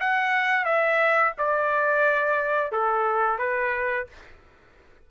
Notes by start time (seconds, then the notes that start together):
0.00 F#5
0.65 E5
1.38 D5
2.72 A4
3.39 B4